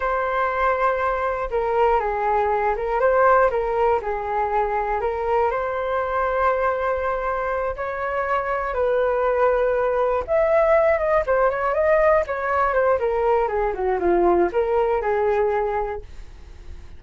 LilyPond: \new Staff \with { instrumentName = "flute" } { \time 4/4 \tempo 4 = 120 c''2. ais'4 | gis'4. ais'8 c''4 ais'4 | gis'2 ais'4 c''4~ | c''2.~ c''8 cis''8~ |
cis''4. b'2~ b'8~ | b'8 e''4. dis''8 c''8 cis''8 dis''8~ | dis''8 cis''4 c''8 ais'4 gis'8 fis'8 | f'4 ais'4 gis'2 | }